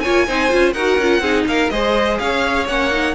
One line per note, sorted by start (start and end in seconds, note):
0.00 0.28 F4
0.00 0.27 C#5
0.00 0.72 G#5
0.07 0.28 A#3
0.27 0.52 C4
0.27 0.49 D#4
0.27 0.73 C5
0.49 0.74 C#4
0.49 0.73 F4
0.72 0.98 D#4
0.72 1.01 F#4
0.72 1.21 A#4
0.72 1.44 F#5
0.98 1.20 C#4
0.98 1.22 F4
1.20 1.44 C4
1.20 1.70 D#4
1.20 1.46 G#4
1.46 1.70 A#3
1.46 1.72 A#4
1.46 1.70 F5
1.70 2.19 G#3
1.70 2.67 G#4
1.70 2.20 C5
1.70 2.18 D#5
2.19 2.68 C#4
2.19 3.14 C#5
2.19 2.67 F5
2.68 3.14 A#3
2.68 2.91 C#4
2.68 3.14 F#5
2.91 3.14 D#4